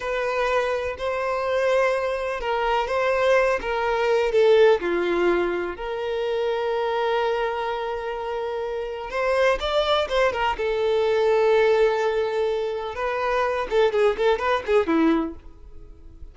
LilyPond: \new Staff \with { instrumentName = "violin" } { \time 4/4 \tempo 4 = 125 b'2 c''2~ | c''4 ais'4 c''4. ais'8~ | ais'4 a'4 f'2 | ais'1~ |
ais'2. c''4 | d''4 c''8 ais'8 a'2~ | a'2. b'4~ | b'8 a'8 gis'8 a'8 b'8 gis'8 e'4 | }